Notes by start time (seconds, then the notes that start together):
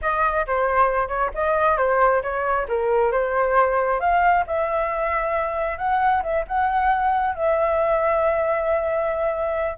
0.01 D#5
0.47 C5
1.08 C#5
1.34 D#5
1.77 C5
2.22 C#5
2.68 A#4
3.11 C5
4.00 F5
4.46 E5
5.78 F#5
6.22 E5
6.47 F#5
7.35 E5